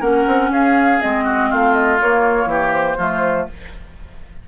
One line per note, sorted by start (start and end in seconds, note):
0.00 0.25 A#3
0.00 1.00 C#4
0.00 0.50 A#4
0.00 0.51 F#5
0.27 0.50 C4
0.50 0.99 C#4
0.50 1.24 G#4
0.50 1.01 F5
1.00 1.52 G#3
1.00 1.99 C4
1.00 1.51 D#5
1.24 1.49 F#4
1.50 2.01 A3
1.50 2.49 F4
1.50 1.73 F5
1.73 1.98 D#5
2.00 2.99 A#3
2.00 2.45 A#3
2.00 2.73 C#5
2.45 2.95 E3
2.45 2.97 G4
2.73 3.47 C5
2.97 3.48 F3
2.97 3.48 A3
2.97 3.47 F4